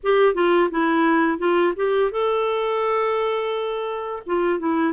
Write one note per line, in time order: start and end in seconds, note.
0.03 0.34 G4
0.34 0.69 F4
0.71 1.38 E4
1.38 1.73 F4
1.76 2.11 G4
2.11 4.23 A4
4.26 4.59 F4
4.59 4.93 E4